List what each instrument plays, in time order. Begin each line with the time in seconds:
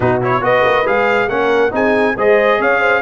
0.00 tuba B2, trombone D#4, horn F#4, trumpet B4
0.21 trombone E4, trumpet C#5
0.41 tuba B3, trombone F#4, horn B4, trumpet D#5
0.64 tuba A#3
0.85 tuba G#3, trombone G#4, trumpet F5
1.28 tuba A#3, trombone C#4, horn A#4, trumpet F#5
1.71 tuba C4, trombone D#4, horn G#4, trumpet G#5
2.16 tuba G#3, trombone G#4, horn C5, trumpet D#5
2.59 tuba C#4, horn C#5, trumpet F5
2.79 horn C5